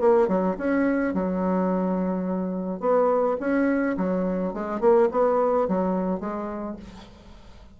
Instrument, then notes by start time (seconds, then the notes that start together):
bassoon
0.00 A#3
0.28 F#3
0.58 C#4
1.14 F#3
2.80 B3
3.40 C#4
3.97 F#3
4.53 G#3
4.80 A#3
5.11 B3
5.68 F#3
6.20 G#3